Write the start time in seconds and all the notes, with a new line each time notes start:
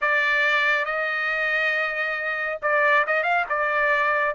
0.01 D5
0.85 D#5
2.61 D5
3.07 D#5
3.23 F5
3.49 D5